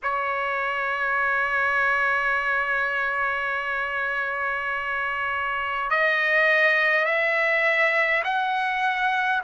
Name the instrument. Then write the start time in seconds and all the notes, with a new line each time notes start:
trumpet
0.02 C#5
5.90 D#5
7.05 E5
8.24 F#5